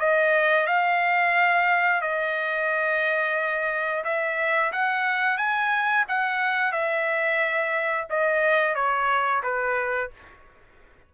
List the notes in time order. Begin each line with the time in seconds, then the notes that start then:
0.00 D#5
0.67 F5
2.02 D#5
4.04 E5
4.73 F#5
5.37 G#5
6.09 F#5
6.72 E5
8.10 D#5
8.75 C#5
9.43 B4